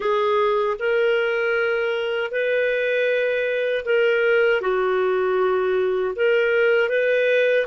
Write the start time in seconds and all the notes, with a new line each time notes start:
0.00 G#4
0.79 A#4
2.31 B4
3.85 A#4
4.61 F#4
6.15 A#4
6.89 B4